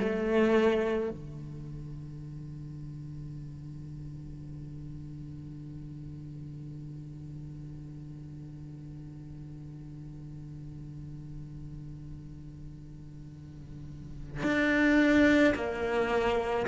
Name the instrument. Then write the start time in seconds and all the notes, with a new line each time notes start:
cello
0.00 A3
1.11 D3
14.43 D4
15.55 A#3